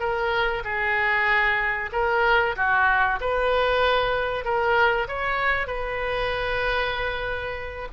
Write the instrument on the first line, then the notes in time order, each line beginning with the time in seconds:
oboe
0.00 A#4
0.64 G#4
1.92 A#4
2.56 F#4
3.21 B4
4.45 A#4
5.08 C#5
5.67 B4